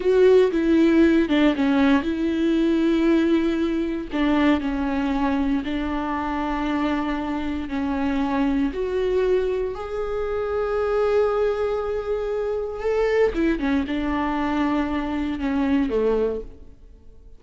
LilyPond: \new Staff \with { instrumentName = "viola" } { \time 4/4 \tempo 4 = 117 fis'4 e'4. d'8 cis'4 | e'1 | d'4 cis'2 d'4~ | d'2. cis'4~ |
cis'4 fis'2 gis'4~ | gis'1~ | gis'4 a'4 e'8 cis'8 d'4~ | d'2 cis'4 a4 | }